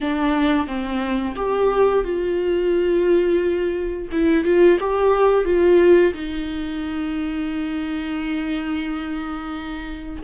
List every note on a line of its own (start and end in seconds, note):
0.00 0.67 D4
0.67 1.35 C4
1.35 2.04 G4
2.04 4.08 F4
4.11 4.44 E4
4.44 4.78 F4
4.80 5.45 G4
5.45 6.13 F4
6.13 10.22 D#4